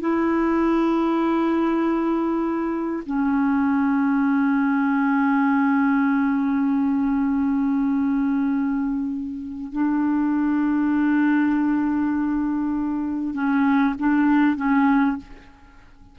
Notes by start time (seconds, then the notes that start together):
0.00 E4
3.06 C#4
9.72 D4
13.34 C#4
13.99 D4
14.56 C#4